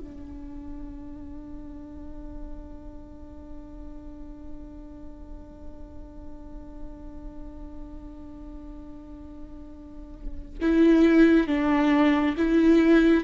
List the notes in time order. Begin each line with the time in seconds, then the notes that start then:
0.00 D4
10.62 E4
11.47 D4
12.37 E4